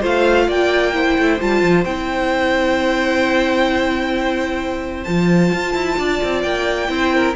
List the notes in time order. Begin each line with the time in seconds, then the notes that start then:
0.00 A3 F4 C5 F5
0.47 A#3 D5 G5
0.93 E4 C5
1.18 A3
1.40 G3 F4 A5
1.62 F3
1.84 C4 E4 G5
5.04 F3 F4 A5
5.53 F4
5.74 E4
5.98 D4 D5
6.23 C4
6.42 A#3 G5
6.88 C4 E4 C5
7.15 A#4